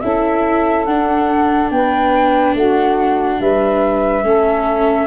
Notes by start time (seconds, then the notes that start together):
0.00 C#4 E4 A4 E5
0.85 D4 F#5
1.71 B3 B4 G5
2.54 A3 F#4 F#5
3.40 G3 B4 E5
4.23 A3 C#4 A4